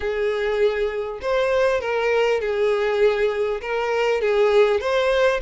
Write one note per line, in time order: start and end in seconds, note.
0.00 1.19 G#4
1.21 1.80 C5
1.80 2.40 A#4
2.40 3.60 G#4
3.61 4.21 A#4
4.21 4.80 G#4
4.80 5.40 C5